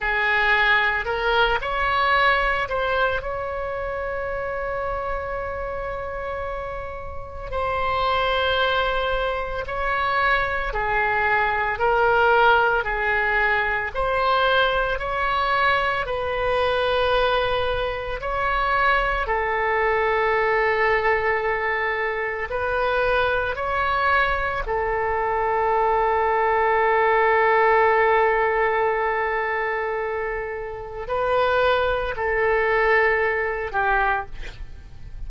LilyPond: \new Staff \with { instrumentName = "oboe" } { \time 4/4 \tempo 4 = 56 gis'4 ais'8 cis''4 c''8 cis''4~ | cis''2. c''4~ | c''4 cis''4 gis'4 ais'4 | gis'4 c''4 cis''4 b'4~ |
b'4 cis''4 a'2~ | a'4 b'4 cis''4 a'4~ | a'1~ | a'4 b'4 a'4. g'8 | }